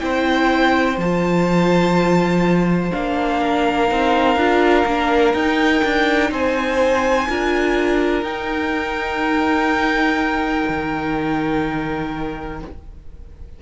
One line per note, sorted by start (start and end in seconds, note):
0.00 0.98 C4
0.00 0.97 E4
0.00 3.41 C5
0.00 0.97 G5
0.98 2.91 F3
0.98 2.92 F4
0.98 2.92 A5
2.92 3.91 A#3
2.92 3.88 D4
2.92 5.34 F5
3.41 6.31 A#4
3.88 4.37 C4
3.88 4.36 D#4
4.37 4.85 D4
4.37 4.87 F4
4.86 5.34 A#3
4.86 5.36 D4
5.34 5.83 D#4
5.34 7.30 D#4
5.34 6.31 G5
5.85 6.31 D4
6.31 7.27 C4
6.31 7.29 C5
6.31 8.24 G#5
7.29 8.23 D4
7.29 8.24 F4
7.29 12.61 A#4
8.23 10.65 D#4
8.23 12.60 D#4
8.23 12.59 G5
10.69 12.62 D#3